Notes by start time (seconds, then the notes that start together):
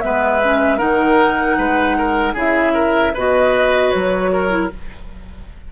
0.00 G#3 B3 B4 E5
0.43 C#4
0.77 D#3 D#4 A#4 F#5
1.57 G#3 B4
1.98 A#4
2.33 C#3 E4 G#4 E5
2.73 A#4
3.13 B2 F#4 B4 D#5
3.90 F#3 C#5
4.32 A#4
4.49 E4